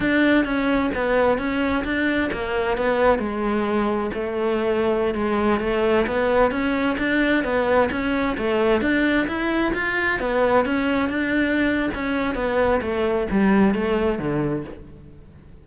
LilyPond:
\new Staff \with { instrumentName = "cello" } { \time 4/4 \tempo 4 = 131 d'4 cis'4 b4 cis'4 | d'4 ais4 b4 gis4~ | gis4 a2~ a16 gis8.~ | gis16 a4 b4 cis'4 d'8.~ |
d'16 b4 cis'4 a4 d'8.~ | d'16 e'4 f'4 b4 cis'8.~ | cis'16 d'4.~ d'16 cis'4 b4 | a4 g4 a4 d4 | }